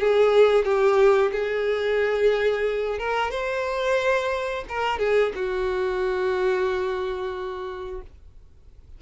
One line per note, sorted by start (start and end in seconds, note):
0.00 0.65 G#4
0.65 1.32 G4
1.32 2.99 G#4
2.99 3.31 A#4
3.31 4.65 C5
4.69 4.99 A#4
4.99 5.32 G#4
5.35 8.02 F#4